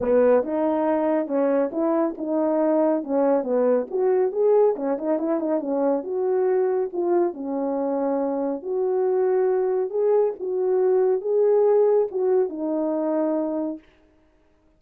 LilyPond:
\new Staff \with { instrumentName = "horn" } { \time 4/4 \tempo 4 = 139 b4 dis'2 cis'4 | e'4 dis'2 cis'4 | b4 fis'4 gis'4 cis'8 dis'8 | e'8 dis'8 cis'4 fis'2 |
f'4 cis'2. | fis'2. gis'4 | fis'2 gis'2 | fis'4 dis'2. | }